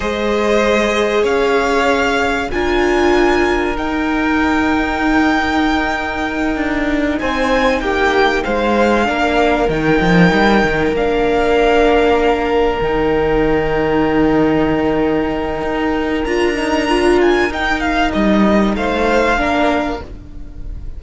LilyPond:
<<
  \new Staff \with { instrumentName = "violin" } { \time 4/4 \tempo 4 = 96 dis''2 f''2 | gis''2 g''2~ | g''2.~ g''8 gis''8~ | gis''8 g''4 f''2 g''8~ |
g''4. f''2~ f''8~ | f''8 g''2.~ g''8~ | g''2 ais''4. gis''8 | g''8 f''8 dis''4 f''2 | }
  \new Staff \with { instrumentName = "violin" } { \time 4/4 c''2 cis''2 | ais'1~ | ais'2.~ ais'8 c''8~ | c''8 g'4 c''4 ais'4.~ |
ais'1~ | ais'1~ | ais'1~ | ais'2 c''4 ais'4 | }
  \new Staff \with { instrumentName = "viola" } { \time 4/4 gis'1 | f'2 dis'2~ | dis'1~ | dis'2~ dis'8 d'4 dis'8~ |
dis'4. d'2~ d'8~ | d'8 dis'2.~ dis'8~ | dis'2 f'8 dis'8 f'4 | dis'2. d'4 | }
  \new Staff \with { instrumentName = "cello" } { \time 4/4 gis2 cis'2 | d'2 dis'2~ | dis'2~ dis'8 d'4 c'8~ | c'8 ais4 gis4 ais4 dis8 |
f8 g8 dis8 ais2~ ais8~ | ais8 dis2.~ dis8~ | dis4 dis'4 d'2 | dis'4 g4 a4 ais4 | }
>>